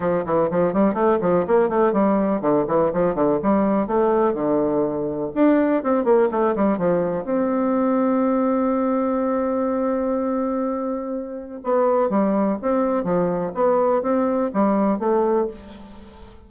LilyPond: \new Staff \with { instrumentName = "bassoon" } { \time 4/4 \tempo 4 = 124 f8 e8 f8 g8 a8 f8 ais8 a8 | g4 d8 e8 f8 d8 g4 | a4 d2 d'4 | c'8 ais8 a8 g8 f4 c'4~ |
c'1~ | c'1 | b4 g4 c'4 f4 | b4 c'4 g4 a4 | }